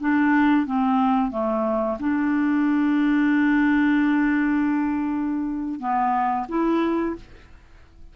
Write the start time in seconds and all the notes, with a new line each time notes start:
0.00 D4
0.66 C4
1.31 A3
1.99 D4
5.79 B3
6.48 E4